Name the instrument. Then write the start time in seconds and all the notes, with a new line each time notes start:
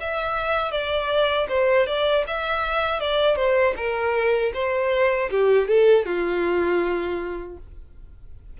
violin
0.00 E5
0.71 D5
1.48 C5
1.87 D5
2.27 E5
3.00 D5
3.36 C5
3.76 A#4
4.54 C5
5.31 G4
5.68 A4
6.06 F4